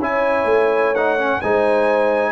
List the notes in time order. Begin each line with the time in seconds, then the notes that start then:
0.00 C#4 E4 C#5 G#5
0.45 A3
0.96 D#4 F#5
1.19 C#4
1.42 G#3 D#4 C5 G#5